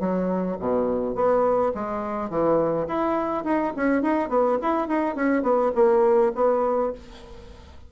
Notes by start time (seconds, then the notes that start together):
0.00 F#3
0.59 B2
1.15 B3
1.75 G#3
2.30 E3
2.88 E4
3.44 D#4
3.76 C#4
4.02 D#4
4.29 B3
4.62 E4
4.88 D#4
5.15 C#4
5.43 B3
5.75 A#3
6.35 B3